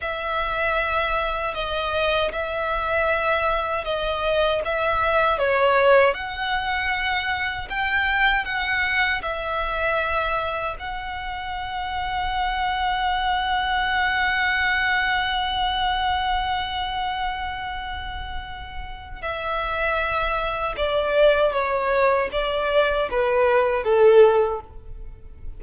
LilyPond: \new Staff \with { instrumentName = "violin" } { \time 4/4 \tempo 4 = 78 e''2 dis''4 e''4~ | e''4 dis''4 e''4 cis''4 | fis''2 g''4 fis''4 | e''2 fis''2~ |
fis''1~ | fis''1~ | fis''4 e''2 d''4 | cis''4 d''4 b'4 a'4 | }